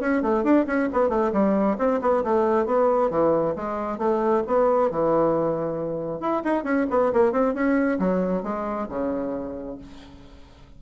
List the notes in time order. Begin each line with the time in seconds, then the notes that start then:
0.00 C#4
0.22 A3
0.43 D4
0.66 C#4
0.93 B3
1.09 A3
1.32 G3
1.78 C4
2.01 B3
2.23 A3
2.66 B3
3.10 E3
3.56 G#3
3.98 A3
4.47 B3
4.90 E3
6.20 E4
6.44 D#4
6.64 C#4
6.90 B3
7.13 A#3
7.32 C4
7.54 C#4
7.99 F#3
8.43 G#3
8.89 C#3